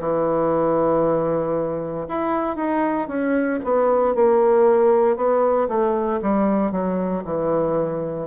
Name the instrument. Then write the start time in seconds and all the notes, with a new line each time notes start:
bassoon
0.00 E3
2.08 E4
2.56 D#4
3.08 C#4
3.64 B3
4.15 A#3
5.16 B3
5.68 A3
6.22 G3
6.71 F#3
7.24 E3